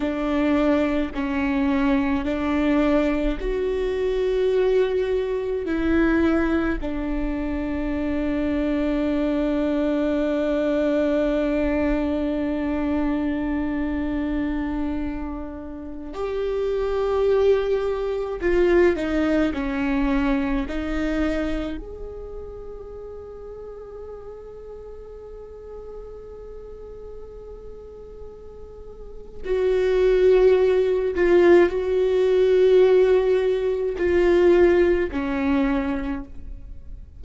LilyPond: \new Staff \with { instrumentName = "viola" } { \time 4/4 \tempo 4 = 53 d'4 cis'4 d'4 fis'4~ | fis'4 e'4 d'2~ | d'1~ | d'2~ d'16 g'4.~ g'16~ |
g'16 f'8 dis'8 cis'4 dis'4 gis'8.~ | gis'1~ | gis'2 fis'4. f'8 | fis'2 f'4 cis'4 | }